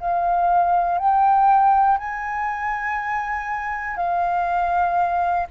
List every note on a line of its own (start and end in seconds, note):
0.00 0.98 F5
0.98 1.97 G5
1.97 3.96 G#5
3.96 5.46 F5